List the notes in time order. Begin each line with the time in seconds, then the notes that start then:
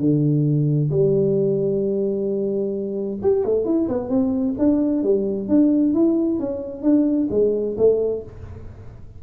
0.00 D3
0.91 G3
3.23 G4
3.45 A3
3.66 E4
3.89 B3
4.10 C4
4.59 D4
5.04 G3
5.49 D4
5.94 E4
6.40 C#4
6.83 D4
7.31 G#3
7.78 A3